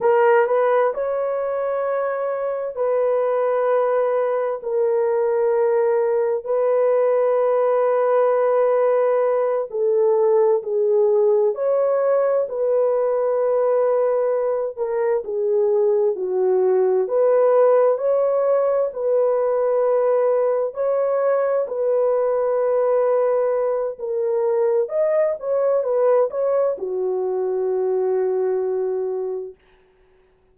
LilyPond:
\new Staff \with { instrumentName = "horn" } { \time 4/4 \tempo 4 = 65 ais'8 b'8 cis''2 b'4~ | b'4 ais'2 b'4~ | b'2~ b'8 a'4 gis'8~ | gis'8 cis''4 b'2~ b'8 |
ais'8 gis'4 fis'4 b'4 cis''8~ | cis''8 b'2 cis''4 b'8~ | b'2 ais'4 dis''8 cis''8 | b'8 cis''8 fis'2. | }